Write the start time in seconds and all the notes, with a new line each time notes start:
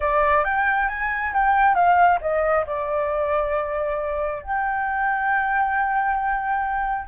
0.00 D5
0.44 G5
0.88 G#5
1.33 G5
1.74 F5
2.21 D#5
2.66 D5
4.43 G5